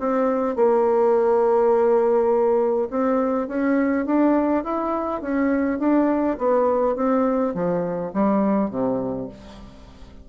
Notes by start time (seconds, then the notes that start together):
0.00 C4
0.56 A#3
2.90 C4
3.48 C#4
4.06 D4
4.64 E4
5.22 C#4
5.80 D4
6.39 B3
6.96 C4
7.55 F3
8.14 G3
8.71 C3